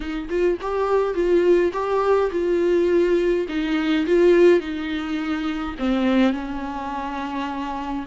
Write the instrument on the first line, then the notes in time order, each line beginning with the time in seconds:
viola
0.00 D#4
0.29 F4
0.61 G4
1.14 F4
1.72 G4
2.31 F4
3.48 D#4
4.06 F4
4.59 D#4
5.78 C4
6.32 C#4